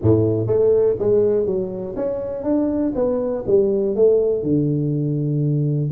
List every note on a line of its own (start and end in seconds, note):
0.01 0.46 A2
0.46 0.96 A3
0.99 1.46 G#3
1.46 1.95 F#3
1.95 2.43 C#4
2.43 2.92 D4
2.95 3.44 B3
3.46 3.95 G3
3.95 4.42 A3
4.42 5.90 D3